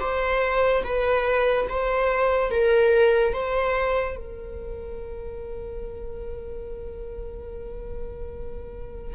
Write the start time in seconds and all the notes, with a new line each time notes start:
0.00 C5
0.84 B4
1.69 C5
2.51 A#4
3.33 C5
4.17 A#4